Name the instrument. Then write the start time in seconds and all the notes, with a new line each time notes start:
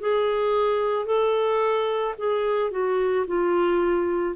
clarinet
0.00 G#4
1.06 A4
2.18 G#4
2.71 F#4
3.27 F4